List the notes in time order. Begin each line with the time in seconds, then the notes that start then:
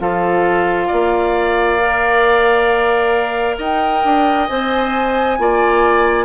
0.00 F3 F4 A4 F5
0.88 A#3 D5
1.81 A#4
3.59 D#4 D#5 G5
4.04 D4
4.47 C4 C5 G#5
5.39 A#3 F4 D5